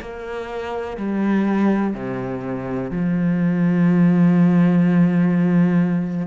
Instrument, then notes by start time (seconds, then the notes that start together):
cello
0.00 A#3
0.97 G3
1.94 C3
2.91 F3